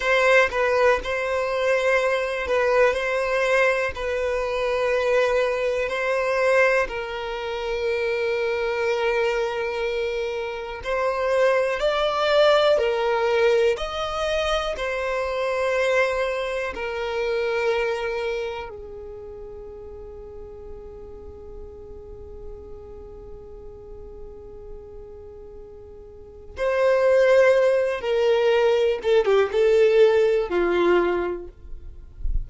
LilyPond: \new Staff \with { instrumentName = "violin" } { \time 4/4 \tempo 4 = 61 c''8 b'8 c''4. b'8 c''4 | b'2 c''4 ais'4~ | ais'2. c''4 | d''4 ais'4 dis''4 c''4~ |
c''4 ais'2 gis'4~ | gis'1~ | gis'2. c''4~ | c''8 ais'4 a'16 g'16 a'4 f'4 | }